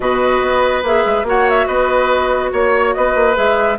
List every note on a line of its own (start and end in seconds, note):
0.00 0.41 B2
0.00 0.83 F#4
0.00 1.26 B4
0.00 0.84 D#5
0.41 0.83 B3
0.83 1.03 A#3
0.83 1.25 G#4
0.83 1.27 E5
1.05 1.23 G#3
1.23 1.65 A#3
1.23 3.34 F#4
1.23 1.66 C#5
1.23 1.49 F#5
1.49 1.67 E5
1.66 2.51 B3
1.66 2.50 B4
1.66 2.51 D#5
2.52 2.94 A#3
2.52 2.94 C#5
2.94 3.15 B3
2.94 3.78 B4
2.94 3.36 D#5
3.15 3.36 A#3
3.34 3.78 G#3
3.34 3.76 G#4
3.34 3.78 E5